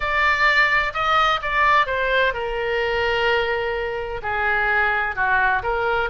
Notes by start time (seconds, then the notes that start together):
0.00 D5
0.93 D#5
1.41 D5
1.86 C5
2.33 A#4
4.22 G#4
5.15 F#4
5.62 A#4